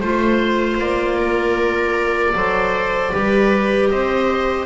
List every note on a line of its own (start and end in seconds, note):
0.00 0.79 A3
0.00 2.35 F4
0.00 0.78 C5
0.00 1.19 C5
0.79 2.34 A#3
0.79 3.91 D5
1.19 2.36 A#4
2.35 3.13 F#3
2.35 3.13 A4
2.35 3.14 C5
3.13 3.91 G3
3.13 4.66 G4
3.13 3.92 B4
3.91 4.66 C4
3.91 4.66 C5
3.91 4.66 D#5